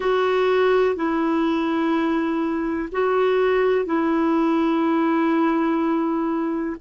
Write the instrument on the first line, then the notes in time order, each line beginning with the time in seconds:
clarinet
0.00 F#4
0.95 E4
2.92 F#4
3.85 E4